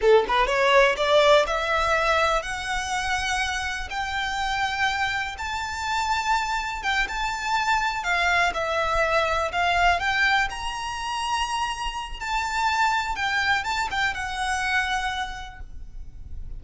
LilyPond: \new Staff \with { instrumentName = "violin" } { \time 4/4 \tempo 4 = 123 a'8 b'8 cis''4 d''4 e''4~ | e''4 fis''2. | g''2. a''4~ | a''2 g''8 a''4.~ |
a''8 f''4 e''2 f''8~ | f''8 g''4 ais''2~ ais''8~ | ais''4 a''2 g''4 | a''8 g''8 fis''2. | }